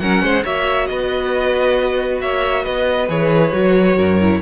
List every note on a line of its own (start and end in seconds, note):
0.00 0.23 F#3
0.00 0.44 C#4
0.00 0.23 A#4
0.00 0.44 F#5
0.23 0.45 G#3
0.23 0.45 C5
0.44 0.90 A#3
0.44 3.08 F#4
0.44 0.89 C#5
0.44 0.87 E5
0.87 2.22 B3
0.87 2.22 B4
0.87 2.20 D#5
2.22 2.66 A#3
2.22 2.64 C#5
2.22 2.65 E5
2.64 3.09 B3
2.64 3.97 B4
2.64 3.09 D#5
3.09 3.53 E3
3.09 3.52 G#4
3.09 4.42 C#5
3.52 3.97 F#3
3.52 4.19 F#4
3.97 4.42 F#2
3.97 4.41 A#4
4.22 4.42 E4